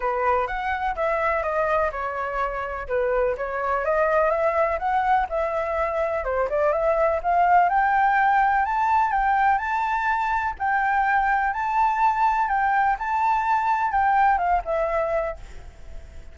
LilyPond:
\new Staff \with { instrumentName = "flute" } { \time 4/4 \tempo 4 = 125 b'4 fis''4 e''4 dis''4 | cis''2 b'4 cis''4 | dis''4 e''4 fis''4 e''4~ | e''4 c''8 d''8 e''4 f''4 |
g''2 a''4 g''4 | a''2 g''2 | a''2 g''4 a''4~ | a''4 g''4 f''8 e''4. | }